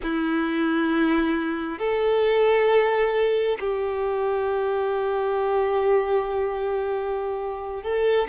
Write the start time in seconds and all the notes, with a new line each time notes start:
0.02 E4
1.79 A4
3.59 G4
7.82 A4